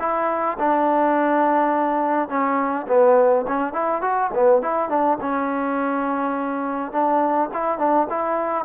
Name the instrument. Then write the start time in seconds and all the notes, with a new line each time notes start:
trombone
0.00 E4
0.59 D4
2.29 C#4
2.88 B3
3.48 C#4
3.73 E4
4.02 F#4
4.35 B3
4.63 E4
4.90 D4
5.21 C#4
6.92 D4
7.54 E4
7.79 D4
8.10 E4